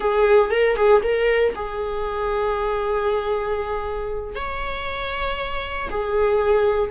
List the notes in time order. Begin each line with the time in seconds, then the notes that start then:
0.00 G#4
0.50 A#4
0.76 G#4
1.02 A#4
1.55 G#4
4.35 C#5
5.90 G#4